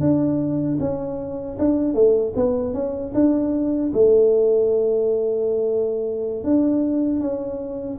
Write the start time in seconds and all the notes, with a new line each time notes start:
0.00 D4
0.80 C#4
1.59 D4
1.94 A3
2.36 B3
2.74 C#4
3.14 D4
3.93 A3
6.44 D4
7.20 C#4